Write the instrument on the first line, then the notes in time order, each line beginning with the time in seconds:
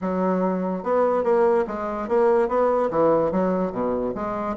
bassoon
0.01 F#3
0.83 B3
1.23 A#3
1.67 G#3
2.08 A#3
2.48 B3
2.90 E3
3.31 F#3
3.71 B2
4.14 G#3